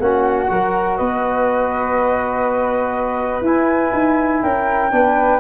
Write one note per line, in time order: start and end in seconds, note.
0.00 0.49 A#3
0.00 0.48 C#4
0.00 0.51 F#4
0.00 0.97 F#5
0.48 1.00 F#3
0.48 3.43 F#4
0.48 0.98 A#4
0.97 3.42 B3
0.97 4.42 B4
0.97 3.43 D#5
3.42 3.91 E4
3.42 4.91 E4
3.42 4.43 G#5
3.93 4.42 D#4
4.42 4.92 C#4
4.42 4.91 A#4
4.42 5.40 G5
4.91 5.40 B3
4.91 5.40 D4
4.91 5.40 B4